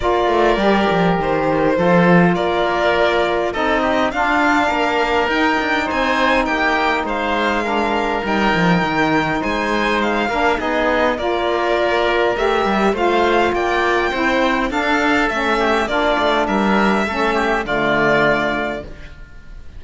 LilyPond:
<<
  \new Staff \with { instrumentName = "violin" } { \time 4/4 \tempo 4 = 102 d''2 c''2 | d''2 dis''4 f''4~ | f''4 g''4 gis''4 g''4 | f''2 g''2 |
gis''4 f''4 dis''4 d''4~ | d''4 e''4 f''4 g''4~ | g''4 f''4 e''4 d''4 | e''2 d''2 | }
  \new Staff \with { instrumentName = "oboe" } { \time 4/4 ais'2. a'4 | ais'2 a'8 g'8 f'4 | ais'2 c''4 g'4 | c''4 ais'2. |
c''4. ais'8 gis'4 ais'4~ | ais'2 c''4 d''4 | c''4 a'4. g'8 f'4 | ais'4 a'8 g'8 f'2 | }
  \new Staff \with { instrumentName = "saxophone" } { \time 4/4 f'4 g'2 f'4~ | f'2 dis'4 d'4~ | d'4 dis'2.~ | dis'4 d'4 dis'2~ |
dis'4. d'8 dis'4 f'4~ | f'4 g'4 f'2 | e'4 d'4 cis'4 d'4~ | d'4 cis'4 a2 | }
  \new Staff \with { instrumentName = "cello" } { \time 4/4 ais8 a8 g8 f8 dis4 f4 | ais2 c'4 d'4 | ais4 dis'8 d'8 c'4 ais4 | gis2 g8 f8 dis4 |
gis4. ais8 b4 ais4~ | ais4 a8 g8 a4 ais4 | c'4 d'4 a4 ais8 a8 | g4 a4 d2 | }
>>